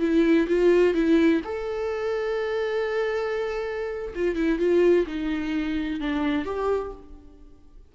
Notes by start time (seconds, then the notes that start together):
0.00 E4
0.48 F4
0.94 E4
1.44 A4
4.15 F4
4.36 E4
4.59 F4
5.07 D#4
6.00 D4
6.45 G4